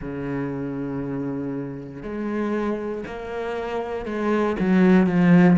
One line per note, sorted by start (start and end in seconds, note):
0.01 2.02 C#3
2.02 3.04 G#3
3.06 4.05 A#3
4.05 4.56 G#3
4.59 5.06 F#3
5.06 5.57 F3